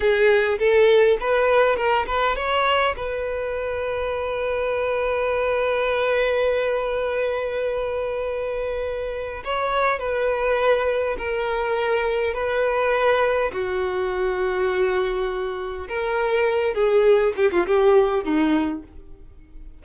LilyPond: \new Staff \with { instrumentName = "violin" } { \time 4/4 \tempo 4 = 102 gis'4 a'4 b'4 ais'8 b'8 | cis''4 b'2.~ | b'1~ | b'1 |
cis''4 b'2 ais'4~ | ais'4 b'2 fis'4~ | fis'2. ais'4~ | ais'8 gis'4 g'16 f'16 g'4 dis'4 | }